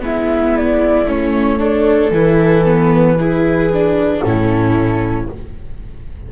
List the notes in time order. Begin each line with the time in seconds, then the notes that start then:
0.00 G#3 B3 E4 E5
0.57 D5
1.05 A3 C#4 C#5
1.58 D4 A4
2.11 E3 E4 B4
2.64 B3
3.19 E4 G#4
3.72 D4
4.20 A2 C#4 E4 A4